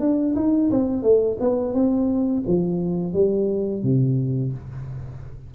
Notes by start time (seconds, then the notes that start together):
0.00 D4
0.36 D#4
0.71 C4
1.03 A3
1.40 B3
1.74 C4
2.47 F3
3.13 G3
3.83 C3